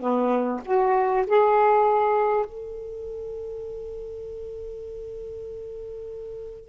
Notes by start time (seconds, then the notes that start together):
0.00 B3
0.65 F#4
1.27 G#4
2.45 A4